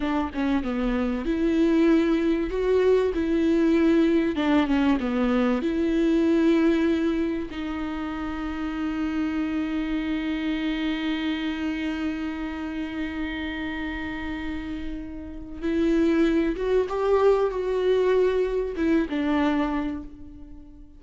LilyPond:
\new Staff \with { instrumentName = "viola" } { \time 4/4 \tempo 4 = 96 d'8 cis'8 b4 e'2 | fis'4 e'2 d'8 cis'8 | b4 e'2. | dis'1~ |
dis'1~ | dis'1~ | dis'4 e'4. fis'8 g'4 | fis'2 e'8 d'4. | }